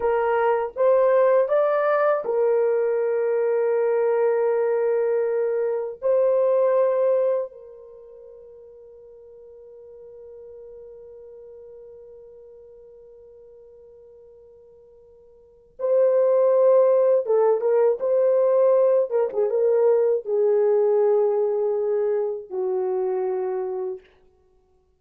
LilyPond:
\new Staff \with { instrumentName = "horn" } { \time 4/4 \tempo 4 = 80 ais'4 c''4 d''4 ais'4~ | ais'1 | c''2 ais'2~ | ais'1~ |
ais'1~ | ais'4 c''2 a'8 ais'8 | c''4. ais'16 gis'16 ais'4 gis'4~ | gis'2 fis'2 | }